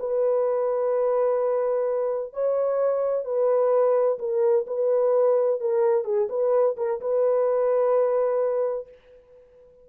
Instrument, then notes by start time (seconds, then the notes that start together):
horn
0.00 B4
2.34 C#5
3.25 B4
4.20 A#4
4.67 B4
5.61 A#4
6.05 G#4
6.30 B4
6.77 A#4
7.01 B4